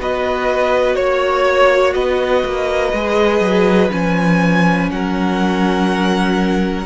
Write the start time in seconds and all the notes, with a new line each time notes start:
0.00 B3 F#4 B4 D#5
0.96 A#3 C#5
1.94 B3 B4 D#5
2.45 A#3
2.93 G#3 G#4
3.40 F#3
3.90 F3 C#4 G#5
4.91 F#3 A#4 F#5